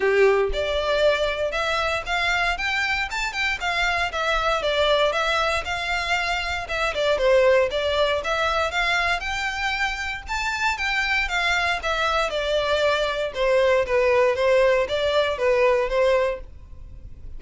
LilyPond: \new Staff \with { instrumentName = "violin" } { \time 4/4 \tempo 4 = 117 g'4 d''2 e''4 | f''4 g''4 a''8 g''8 f''4 | e''4 d''4 e''4 f''4~ | f''4 e''8 d''8 c''4 d''4 |
e''4 f''4 g''2 | a''4 g''4 f''4 e''4 | d''2 c''4 b'4 | c''4 d''4 b'4 c''4 | }